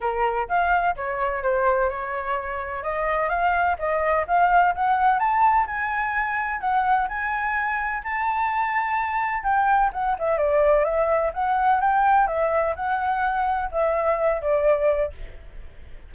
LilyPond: \new Staff \with { instrumentName = "flute" } { \time 4/4 \tempo 4 = 127 ais'4 f''4 cis''4 c''4 | cis''2 dis''4 f''4 | dis''4 f''4 fis''4 a''4 | gis''2 fis''4 gis''4~ |
gis''4 a''2. | g''4 fis''8 e''8 d''4 e''4 | fis''4 g''4 e''4 fis''4~ | fis''4 e''4. d''4. | }